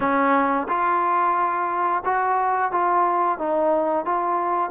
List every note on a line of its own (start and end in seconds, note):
0.00 0.67 C#4
0.68 2.03 F4
2.04 2.71 F#4
2.71 3.38 F4
3.38 4.05 D#4
4.05 4.70 F4